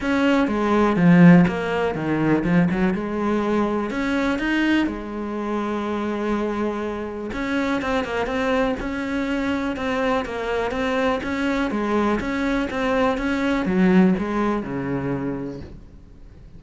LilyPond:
\new Staff \with { instrumentName = "cello" } { \time 4/4 \tempo 4 = 123 cis'4 gis4 f4 ais4 | dis4 f8 fis8 gis2 | cis'4 dis'4 gis2~ | gis2. cis'4 |
c'8 ais8 c'4 cis'2 | c'4 ais4 c'4 cis'4 | gis4 cis'4 c'4 cis'4 | fis4 gis4 cis2 | }